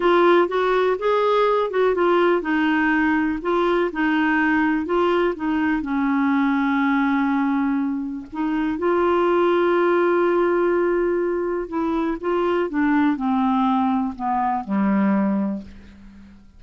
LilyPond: \new Staff \with { instrumentName = "clarinet" } { \time 4/4 \tempo 4 = 123 f'4 fis'4 gis'4. fis'8 | f'4 dis'2 f'4 | dis'2 f'4 dis'4 | cis'1~ |
cis'4 dis'4 f'2~ | f'1 | e'4 f'4 d'4 c'4~ | c'4 b4 g2 | }